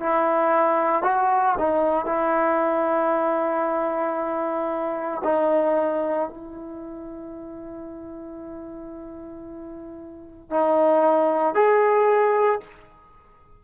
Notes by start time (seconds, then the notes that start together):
0.00 E4
1.03 F#4
1.59 D#4
2.06 E4
5.24 D#4
6.30 E4
10.51 D#4
11.55 G#4